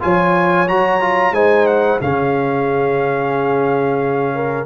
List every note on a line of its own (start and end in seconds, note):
0.00 0.68 F3
0.00 0.67 F4
0.00 1.34 C#5
0.00 0.68 G#5
0.67 1.31 F#3
0.67 1.00 F#4
0.67 1.34 A#5
1.00 1.33 F4
1.31 1.98 G#3
1.31 2.00 D#4
1.31 2.00 C5
1.31 1.66 G#5
1.66 1.99 F#5
2.00 4.66 C#3
2.00 4.66 C#4
2.00 4.34 G#4
2.00 4.66 F5
4.34 4.66 A#4